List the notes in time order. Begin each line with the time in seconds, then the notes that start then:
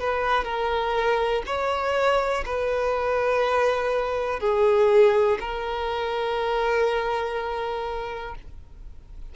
0.00 B4
0.45 A#4
1.46 C#5
2.46 B4
4.40 G#4
5.40 A#4